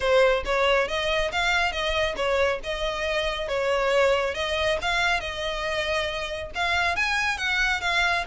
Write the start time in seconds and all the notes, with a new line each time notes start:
0.00 C5
0.45 C#5
0.88 D#5
1.32 F5
1.72 D#5
2.16 C#5
2.63 D#5
3.48 C#5
4.34 D#5
4.81 F5
5.20 D#5
6.55 F5
6.95 G#5
7.37 F#5
7.80 F5